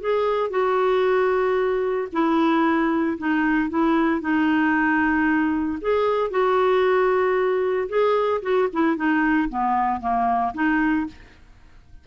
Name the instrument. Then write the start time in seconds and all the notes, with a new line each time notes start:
clarinet
0.00 G#4
0.50 F#4
2.12 E4
3.18 D#4
3.69 E4
4.21 D#4
5.81 G#4
6.30 F#4
7.89 G#4
8.42 F#4
8.72 E4
8.96 D#4
9.49 B3
10.00 A#3
10.54 D#4